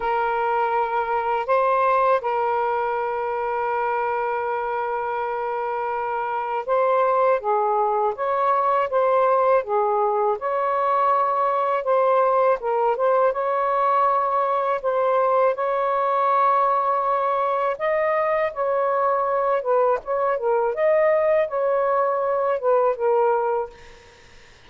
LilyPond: \new Staff \with { instrumentName = "saxophone" } { \time 4/4 \tempo 4 = 81 ais'2 c''4 ais'4~ | ais'1~ | ais'4 c''4 gis'4 cis''4 | c''4 gis'4 cis''2 |
c''4 ais'8 c''8 cis''2 | c''4 cis''2. | dis''4 cis''4. b'8 cis''8 ais'8 | dis''4 cis''4. b'8 ais'4 | }